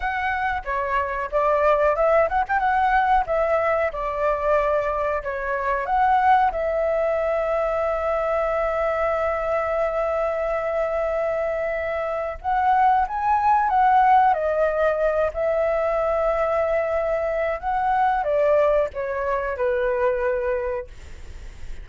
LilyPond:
\new Staff \with { instrumentName = "flute" } { \time 4/4 \tempo 4 = 92 fis''4 cis''4 d''4 e''8 fis''16 g''16 | fis''4 e''4 d''2 | cis''4 fis''4 e''2~ | e''1~ |
e''2. fis''4 | gis''4 fis''4 dis''4. e''8~ | e''2. fis''4 | d''4 cis''4 b'2 | }